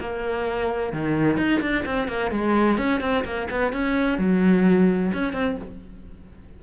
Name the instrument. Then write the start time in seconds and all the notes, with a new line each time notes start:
cello
0.00 A#3
0.92 D#3
1.37 D#4
1.61 D4
1.85 C4
2.08 A#3
2.31 G#3
2.78 C#4
3.01 C4
3.24 A#3
3.50 B3
3.72 C#4
4.18 F#3
5.13 C#4
5.33 C4